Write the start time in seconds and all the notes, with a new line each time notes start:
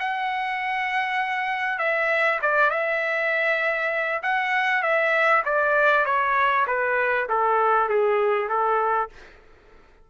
0.00 F#5
1.79 E5
2.42 D5
2.71 E5
4.23 F#5
4.83 E5
5.45 D5
6.06 C#5
6.67 B4
7.29 A4
7.89 G#4
8.49 A4